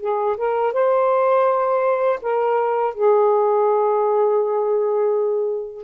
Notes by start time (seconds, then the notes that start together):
0.00 G#4
0.37 A#4
0.73 C5
2.22 A#4
2.94 G#4